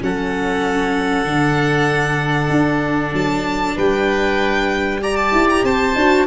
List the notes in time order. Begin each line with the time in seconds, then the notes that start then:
0.00 F#3 C#4 A4 F#5
1.25 D3 D4
2.49 D4
3.13 F#3 A5
3.76 G3 B4 G5
5.02 G4 D5 A#5
5.17 A5
5.32 E4
5.50 A#5
5.63 C4 C5 A5
5.95 D4 F#4